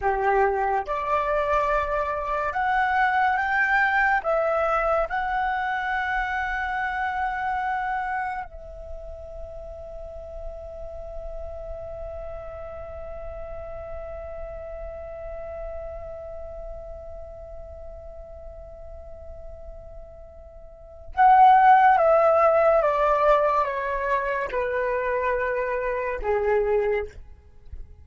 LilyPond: \new Staff \with { instrumentName = "flute" } { \time 4/4 \tempo 4 = 71 g'4 d''2 fis''4 | g''4 e''4 fis''2~ | fis''2 e''2~ | e''1~ |
e''1~ | e''1~ | e''4 fis''4 e''4 d''4 | cis''4 b'2 gis'4 | }